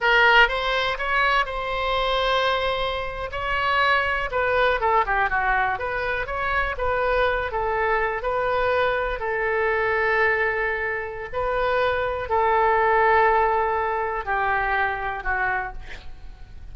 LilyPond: \new Staff \with { instrumentName = "oboe" } { \time 4/4 \tempo 4 = 122 ais'4 c''4 cis''4 c''4~ | c''2~ c''8. cis''4~ cis''16~ | cis''8. b'4 a'8 g'8 fis'4 b'16~ | b'8. cis''4 b'4. a'8.~ |
a'8. b'2 a'4~ a'16~ | a'2. b'4~ | b'4 a'2.~ | a'4 g'2 fis'4 | }